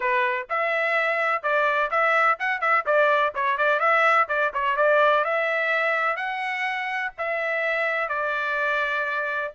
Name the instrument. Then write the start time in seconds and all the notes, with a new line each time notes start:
trumpet
0.00 B4
0.49 E5
1.42 D5
1.90 E5
2.39 F#5
2.60 E5
2.86 D5
3.34 C#5
3.57 D5
3.79 E5
4.28 D5
4.53 C#5
4.76 D5
5.24 E5
6.16 F#5
7.18 E5
8.08 D5